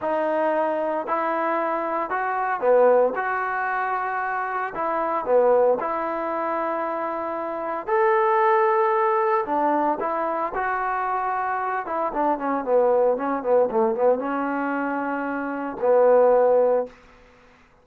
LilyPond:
\new Staff \with { instrumentName = "trombone" } { \time 4/4 \tempo 4 = 114 dis'2 e'2 | fis'4 b4 fis'2~ | fis'4 e'4 b4 e'4~ | e'2. a'4~ |
a'2 d'4 e'4 | fis'2~ fis'8 e'8 d'8 cis'8 | b4 cis'8 b8 a8 b8 cis'4~ | cis'2 b2 | }